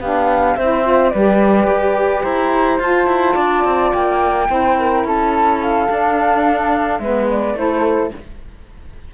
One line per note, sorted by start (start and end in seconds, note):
0.00 0.56 B3
0.00 0.59 D4
0.00 0.58 G4
0.00 0.56 F5
0.56 1.13 C4
0.56 0.84 E4
0.56 1.12 C5
0.56 1.09 E5
0.84 1.12 F4
1.09 1.67 G3
1.09 2.22 B4
1.09 2.21 D5
1.15 2.80 G4
1.67 2.23 G4
2.22 2.80 E4
2.22 3.34 C5
2.22 2.79 A#5
2.80 3.07 F4
2.80 4.48 F4
2.80 3.93 A5
3.07 3.36 E4
3.34 3.65 D4
3.34 4.46 D5
3.65 3.93 C4
3.93 4.49 A#3
3.93 5.05 G5
4.48 5.04 C4
4.48 5.88 E4
4.48 4.77 C5
4.79 5.07 A#4
5.04 5.88 C#4
5.04 7.02 A4
5.04 5.63 A5
5.63 6.99 F5
5.89 7.02 D4
5.89 6.99 D4
6.99 7.54 G#3
6.99 7.56 B3
6.99 7.58 B4
6.99 7.27 E5
7.30 7.57 D5
7.54 8.11 A3
7.54 8.12 E4
7.54 8.14 A4
7.54 8.13 C5